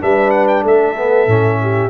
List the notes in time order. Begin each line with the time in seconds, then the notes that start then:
0.00 G3 D4 B4 E5
0.30 F#5
0.47 G5
0.62 A3 A4 E5
0.96 B3
1.26 A2 C#4
1.61 G4